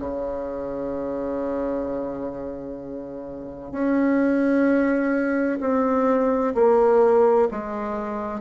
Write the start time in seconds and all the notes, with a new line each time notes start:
0.00 C#3
3.72 C#4
5.60 C4
6.55 A#3
7.51 G#3